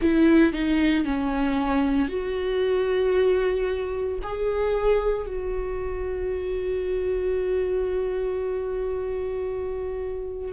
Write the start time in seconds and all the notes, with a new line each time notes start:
0.01 E4
0.53 D#4
1.04 C#4
2.08 F#4
4.22 G#4
5.26 F#4